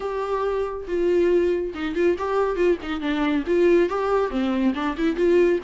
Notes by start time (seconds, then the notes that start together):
0.00 G4
0.87 F4
1.74 D#4
1.95 F4
2.18 G4
2.56 F4
2.82 D#4
3.00 D4
3.46 F4
3.89 G4
4.30 C4
4.74 D4
4.97 E4
5.16 F4